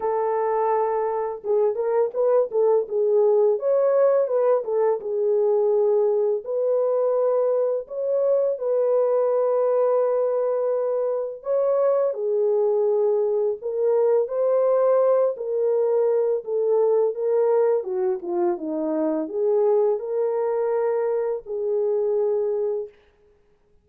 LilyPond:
\new Staff \with { instrumentName = "horn" } { \time 4/4 \tempo 4 = 84 a'2 gis'8 ais'8 b'8 a'8 | gis'4 cis''4 b'8 a'8 gis'4~ | gis'4 b'2 cis''4 | b'1 |
cis''4 gis'2 ais'4 | c''4. ais'4. a'4 | ais'4 fis'8 f'8 dis'4 gis'4 | ais'2 gis'2 | }